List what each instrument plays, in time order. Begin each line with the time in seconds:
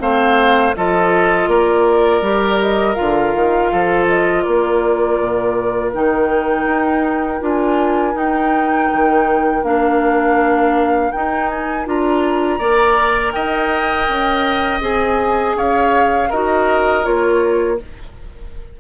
0.00 bassoon A3, clarinet C4, oboe C5, flute F5
0.76 bassoon F3, clarinet F4, oboe A4, flute D#5
1.48 bassoon A#3, oboe A#4, flute D5
2.22 bassoon G3, clarinet G4
2.62 flute D#5
2.95 bassoon D3, clarinet F4, flute F5
3.35 bassoon D#3
3.73 bassoon F3, oboe A4
4.08 flute D#5
4.43 bassoon A#3, oboe A#4, flute D5
5.20 bassoon A#2
5.94 bassoon D#3, clarinet D#4, flute G5
6.66 bassoon D#4
7.41 bassoon D4, clarinet F4, flute G#5
8.14 clarinet D#4, bassoon D#4, flute G5
8.93 bassoon D#3
9.64 bassoon A#3, clarinet D4, flute F5
11.12 clarinet D#4, bassoon D#4, flute G5
11.49 flute G#5
11.86 bassoon D4, clarinet F4, flute A#5
12.59 bassoon A#3, clarinet A#4, oboe D5
13.33 bassoon D#4, oboe D#5, flute G5
14.09 bassoon C#4
14.81 bassoon C4, clarinet G#4, flute G#5
15.56 bassoon C#4, oboe C#5, flute F5
16.30 bassoon D#4, clarinet F#4, oboe A#4, flute D#5
17.03 bassoon A#3, clarinet F4, flute C#5